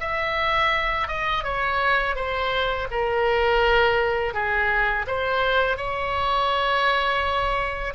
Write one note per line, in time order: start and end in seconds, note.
0.00 1.08 E5
1.08 1.44 D#5
1.44 2.16 C#5
2.16 2.88 C5
2.91 4.34 A#4
4.34 5.06 G#4
5.07 5.77 C5
5.77 7.94 C#5